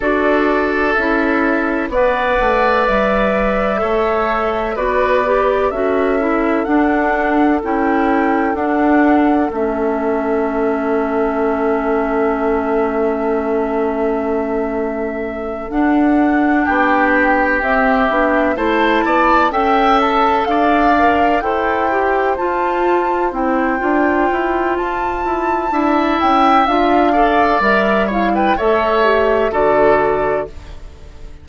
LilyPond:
<<
  \new Staff \with { instrumentName = "flute" } { \time 4/4 \tempo 4 = 63 d''4 e''4 fis''4 e''4~ | e''4 d''4 e''4 fis''4 | g''4 fis''4 e''2~ | e''1~ |
e''8 fis''4 g''4 e''4 a''8~ | a''8 g''8 a''8 f''4 g''4 a''8~ | a''8 g''4. a''4. g''8 | f''4 e''8 f''16 g''16 e''4 d''4 | }
  \new Staff \with { instrumentName = "oboe" } { \time 4/4 a'2 d''2 | cis''4 b'4 a'2~ | a'1~ | a'1~ |
a'4. g'2 c''8 | d''8 e''4 d''4 c''4.~ | c''2. e''4~ | e''8 d''4 cis''16 b'16 cis''4 a'4 | }
  \new Staff \with { instrumentName = "clarinet" } { \time 4/4 fis'4 e'4 b'2 | a'4 fis'8 g'8 fis'8 e'8 d'4 | e'4 d'4 cis'2~ | cis'1~ |
cis'8 d'2 c'8 d'8 e'8~ | e'8 a'4. ais'8 a'8 g'8 f'8~ | f'8 e'8 f'2 e'4 | f'8 a'8 ais'8 e'8 a'8 g'8 fis'4 | }
  \new Staff \with { instrumentName = "bassoon" } { \time 4/4 d'4 cis'4 b8 a8 g4 | a4 b4 cis'4 d'4 | cis'4 d'4 a2~ | a1~ |
a8 d'4 b4 c'8 b8 a8 | b8 cis'4 d'4 e'4 f'8~ | f'8 c'8 d'8 e'8 f'8 e'8 d'8 cis'8 | d'4 g4 a4 d4 | }
>>